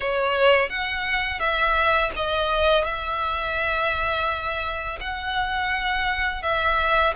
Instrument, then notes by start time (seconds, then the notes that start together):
violin
0.00 C#5
0.69 F#5
1.39 E5
2.16 D#5
2.84 E5
5.00 F#5
6.42 E5